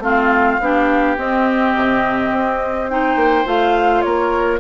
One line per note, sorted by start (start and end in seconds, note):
0.00 0.57 A3
0.00 0.60 C4
0.00 0.60 F4
0.00 1.18 F5
0.61 1.18 B3
0.61 1.18 D4
0.61 2.92 G4
1.18 1.75 C4
1.18 2.89 C4
1.18 2.90 D#5
1.75 2.32 C3
2.32 3.16 C4
2.90 3.45 D#4
2.90 4.05 C5
2.90 3.47 G5
3.16 3.45 A#3
3.45 4.04 A3
3.45 4.60 F4
3.45 4.02 F5
4.02 4.60 A#3
4.02 4.60 A#4
4.02 4.59 C#5